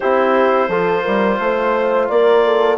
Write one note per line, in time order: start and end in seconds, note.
0.00 0.68 C4
0.00 0.70 E4
0.00 0.68 G4
0.00 2.07 C5
0.68 1.03 F3
0.68 2.78 F4
0.68 1.02 A4
1.02 1.39 G3
1.02 1.37 A#4
1.39 2.08 A3
1.39 2.10 C5
2.08 2.78 A#3
2.08 2.45 A#4
2.08 2.78 D5
2.45 2.78 A4